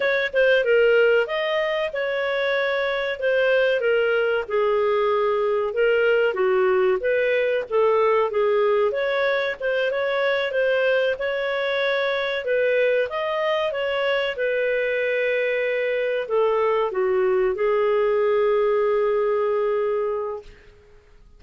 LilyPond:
\new Staff \with { instrumentName = "clarinet" } { \time 4/4 \tempo 4 = 94 cis''8 c''8 ais'4 dis''4 cis''4~ | cis''4 c''4 ais'4 gis'4~ | gis'4 ais'4 fis'4 b'4 | a'4 gis'4 cis''4 c''8 cis''8~ |
cis''8 c''4 cis''2 b'8~ | b'8 dis''4 cis''4 b'4.~ | b'4. a'4 fis'4 gis'8~ | gis'1 | }